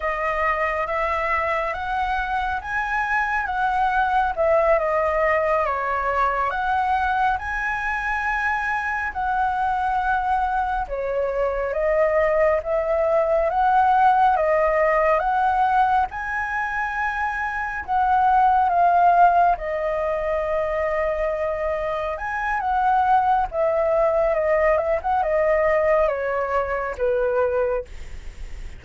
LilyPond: \new Staff \with { instrumentName = "flute" } { \time 4/4 \tempo 4 = 69 dis''4 e''4 fis''4 gis''4 | fis''4 e''8 dis''4 cis''4 fis''8~ | fis''8 gis''2 fis''4.~ | fis''8 cis''4 dis''4 e''4 fis''8~ |
fis''8 dis''4 fis''4 gis''4.~ | gis''8 fis''4 f''4 dis''4.~ | dis''4. gis''8 fis''4 e''4 | dis''8 e''16 fis''16 dis''4 cis''4 b'4 | }